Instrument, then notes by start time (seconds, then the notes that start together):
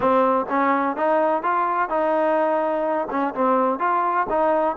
trombone
0.00 C4
0.49 C#4
0.96 D#4
1.43 F4
1.89 D#4
3.10 C#4
3.34 C4
3.79 F4
4.29 D#4